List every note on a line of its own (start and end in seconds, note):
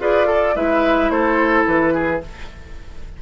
0.00 0.55 F4
0.00 0.26 G#4
0.00 0.27 B4
0.00 0.56 D5
0.26 0.53 A4
0.26 0.55 A4
0.56 1.10 G#3
0.56 2.21 E4
0.56 1.12 B4
0.56 1.11 E5
1.10 1.65 A3
1.10 1.94 A4
1.10 1.66 C5
1.67 2.22 E3
1.67 2.22 B4
1.94 2.22 G#4